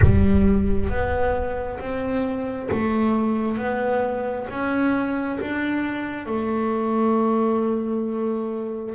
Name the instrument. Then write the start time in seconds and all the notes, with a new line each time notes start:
double bass
0.02 G3
0.90 B3
1.79 C4
2.71 A3
3.57 B3
4.49 C#4
5.40 D4
6.26 A3